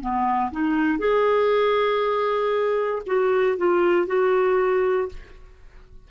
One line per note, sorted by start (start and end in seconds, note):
0.00 0.51 B3
0.51 0.99 D#4
0.99 3.02 G#4
3.06 3.57 F#4
3.57 4.07 F4
4.07 5.08 F#4